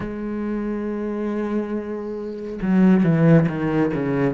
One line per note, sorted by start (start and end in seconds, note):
0.00 2.59 G#3
2.62 3.03 F#3
3.03 3.47 E3
3.49 3.92 D#3
3.94 4.34 C#3